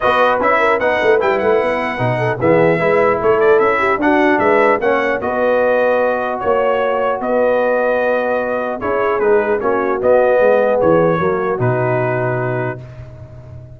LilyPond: <<
  \new Staff \with { instrumentName = "trumpet" } { \time 4/4 \tempo 4 = 150 dis''4 e''4 fis''4 g''8 fis''8~ | fis''2 e''2 | cis''8 d''8 e''4 fis''4 e''4 | fis''4 dis''2. |
cis''2 dis''2~ | dis''2 cis''4 b'4 | cis''4 dis''2 cis''4~ | cis''4 b'2. | }
  \new Staff \with { instrumentName = "horn" } { \time 4/4 b'4. ais'8 b'2~ | b'4. a'8 gis'4 b'4 | a'4. g'8 fis'4 b'4 | cis''4 b'2. |
cis''2 b'2~ | b'2 gis'2 | fis'2 gis'2 | fis'1 | }
  \new Staff \with { instrumentName = "trombone" } { \time 4/4 fis'4 e'4 dis'4 e'4~ | e'4 dis'4 b4 e'4~ | e'2 d'2 | cis'4 fis'2.~ |
fis'1~ | fis'2 e'4 dis'4 | cis'4 b2. | ais4 dis'2. | }
  \new Staff \with { instrumentName = "tuba" } { \time 4/4 b4 cis'4 b8 a8 g8 a8 | b4 b,4 e4 gis4 | a4 cis'4 d'4 gis4 | ais4 b2. |
ais2 b2~ | b2 cis'4 gis4 | ais4 b4 gis4 e4 | fis4 b,2. | }
>>